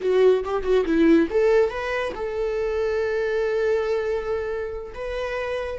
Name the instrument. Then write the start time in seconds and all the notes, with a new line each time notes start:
viola
0.01 F#4
0.44 G4
0.63 F#4
0.85 E4
1.30 A4
1.70 B4
2.14 A4
4.94 B4